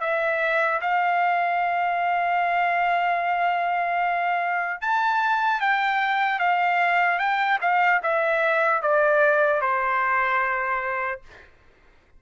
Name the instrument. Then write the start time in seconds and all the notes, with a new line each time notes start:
trumpet
0.00 E5
0.81 F5
4.81 A5
5.60 G5
6.39 F5
7.19 G5
7.61 F5
8.03 E5
8.82 D5
9.61 C5